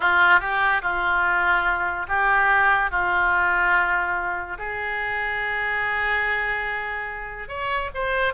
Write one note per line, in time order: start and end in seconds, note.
0.00 0.40 F4
0.40 0.81 G4
0.82 2.07 F4
2.08 2.91 G4
2.91 4.57 F4
4.58 7.48 G#4
7.48 7.90 C#5
7.94 8.33 C5